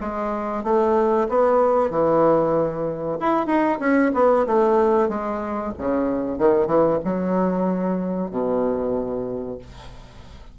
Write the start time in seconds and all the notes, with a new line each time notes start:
0.00 G#3
0.63 A3
1.29 B3
1.90 E3
3.20 E4
3.46 D#4
3.79 C#4
4.14 B3
4.46 A3
5.08 G#3
5.77 C#3
6.38 D#3
6.66 E3
7.04 F#3
8.30 B2